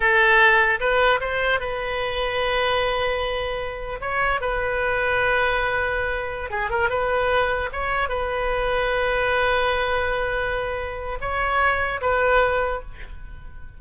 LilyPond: \new Staff \with { instrumentName = "oboe" } { \time 4/4 \tempo 4 = 150 a'2 b'4 c''4 | b'1~ | b'2 cis''4 b'4~ | b'1~ |
b'16 gis'8 ais'8 b'2 cis''8.~ | cis''16 b'2.~ b'8.~ | b'1 | cis''2 b'2 | }